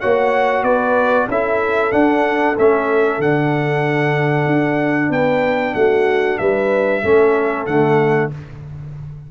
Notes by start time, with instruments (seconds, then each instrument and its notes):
0.00 tuba A#3, trombone F#4, horn C#5, trumpet F#5
0.62 tuba B3, horn B4, trumpet D5
1.28 tuba C#4, trombone E4, horn A4, trumpet E5
1.91 trombone D4, tuba D4, trumpet F#5
2.58 tuba A3, trombone C#4, trumpet E5
3.18 tuba D3, trombone D4, trumpet F#5
4.46 tuba D4
5.09 tuba B3, horn B4, trumpet G5
5.74 tuba A3, horn F#4, trumpet F#5
6.38 tuba G3, horn B4, trumpet E5
7.03 tuba A3, trombone C#4, horn A4
7.66 tuba D3, trombone A3, trumpet F#5